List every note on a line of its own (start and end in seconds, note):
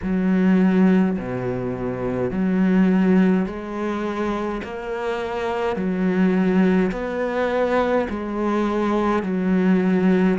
0.02 1.17 F#3
1.18 2.31 B2
2.31 3.46 F#3
3.46 4.61 G#3
4.63 5.75 A#3
5.75 6.91 F#3
6.91 8.07 B3
8.09 9.23 G#3
9.23 10.38 F#3